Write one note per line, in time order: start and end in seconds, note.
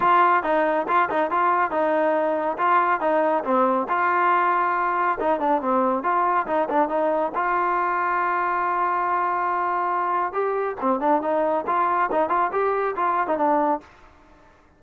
0.00 0.43 F4
0.43 0.86 D#4
0.88 1.09 F4
1.09 1.30 D#4
1.30 1.71 F4
1.71 2.57 D#4
2.58 3.00 F4
3.00 3.43 D#4
3.44 3.87 C4
3.88 5.18 F4
5.20 5.40 D#4
5.40 5.61 D4
5.61 6.03 C4
6.03 6.46 F4
6.46 6.68 D#4
6.69 6.88 D4
6.88 7.32 D#4
7.34 10.32 F4
10.32 10.76 G4
10.81 11.00 C4
11.00 11.21 D4
11.21 11.64 D#4
11.66 12.09 F4
12.11 12.29 D#4
12.29 12.50 F4
12.52 12.95 G4
12.96 13.27 F4
13.27 13.37 D#4
13.37 13.80 D4